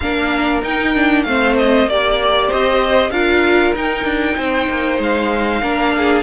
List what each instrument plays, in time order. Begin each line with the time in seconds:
0.00 cello A#3, viola D4, violin A#4 F5
0.62 cello D#4, viola D#4, violin G5
0.94 viola D4
1.23 cello A3, viola C4, violin C5 F5
1.57 violin D#5
1.86 cello A#3, viola G4, violin D5
2.47 cello C4, violin C5 D#5
3.10 cello D4, viola F4, violin A#4 F5
3.74 cello D#4, viola D#4, violin G5
4.04 cello D4
4.37 cello C4, violin C5
4.69 cello A#3
4.99 cello G#3, violin F5
5.61 cello A#3, viola D4, violin A#4
5.97 violin G#4